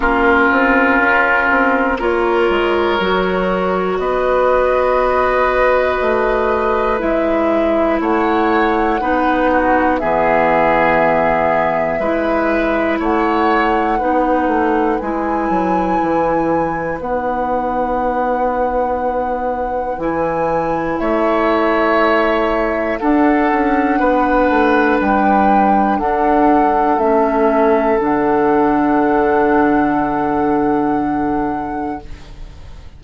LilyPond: <<
  \new Staff \with { instrumentName = "flute" } { \time 4/4 \tempo 4 = 60 ais'2 cis''2 | dis''2. e''4 | fis''2 e''2~ | e''4 fis''2 gis''4~ |
gis''4 fis''2. | gis''4 e''2 fis''4~ | fis''4 g''4 fis''4 e''4 | fis''1 | }
  \new Staff \with { instrumentName = "oboe" } { \time 4/4 f'2 ais'2 | b'1 | cis''4 b'8 fis'8 gis'2 | b'4 cis''4 b'2~ |
b'1~ | b'4 cis''2 a'4 | b'2 a'2~ | a'1 | }
  \new Staff \with { instrumentName = "clarinet" } { \time 4/4 cis'2 f'4 fis'4~ | fis'2. e'4~ | e'4 dis'4 b2 | e'2 dis'4 e'4~ |
e'4 dis'2. | e'2. d'4~ | d'2. cis'4 | d'1 | }
  \new Staff \with { instrumentName = "bassoon" } { \time 4/4 ais8 c'8 cis'8 c'8 ais8 gis8 fis4 | b2 a4 gis4 | a4 b4 e2 | gis4 a4 b8 a8 gis8 fis8 |
e4 b2. | e4 a2 d'8 cis'8 | b8 a8 g4 d'4 a4 | d1 | }
>>